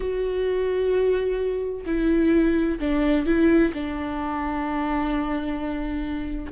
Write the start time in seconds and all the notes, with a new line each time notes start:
0.00 F#4
1.86 E4
2.79 D4
3.26 E4
3.73 D4